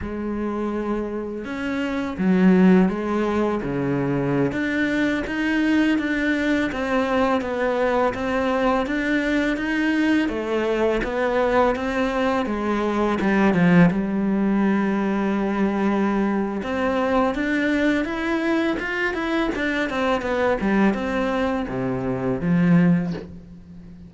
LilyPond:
\new Staff \with { instrumentName = "cello" } { \time 4/4 \tempo 4 = 83 gis2 cis'4 fis4 | gis4 cis4~ cis16 d'4 dis'8.~ | dis'16 d'4 c'4 b4 c'8.~ | c'16 d'4 dis'4 a4 b8.~ |
b16 c'4 gis4 g8 f8 g8.~ | g2. c'4 | d'4 e'4 f'8 e'8 d'8 c'8 | b8 g8 c'4 c4 f4 | }